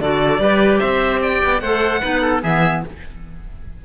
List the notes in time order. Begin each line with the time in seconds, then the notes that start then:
0.00 D3 F#4 A4 D5
0.39 G3 G4 B4
0.80 C4 C5 E5
1.22 D5 G5
1.44 B3
1.60 A3 A4 C5 F#5
2.01 B3 D#4 B4
2.21 A4
2.42 E3 B3 G#4 E5